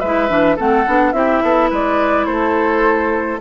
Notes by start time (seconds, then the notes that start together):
0.00 G#3 E4 B4 E5
0.29 E3 D4
0.56 A3 C4 A4 F#5
0.87 B3 D4
1.13 C4 E4 G4 E5
1.43 B3 A4
1.70 G#3 B4 D5
2.26 A3 A4 C5